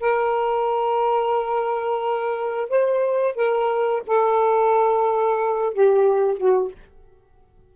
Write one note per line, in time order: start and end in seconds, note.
0.00 2.69 A#4
2.69 3.35 C5
3.35 4.02 A#4
4.07 5.73 A4
5.73 6.37 G4
6.37 6.71 F#4